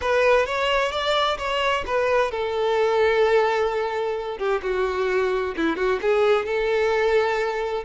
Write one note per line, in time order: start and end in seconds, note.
0.01 0.46 B4
0.46 0.91 C#5
0.91 1.37 D5
1.38 1.84 C#5
1.86 2.31 B4
2.31 4.38 A4
4.38 4.61 G4
4.62 5.54 F#4
5.56 5.76 E4
5.76 5.99 F#4
6.01 6.45 G#4
6.45 7.84 A4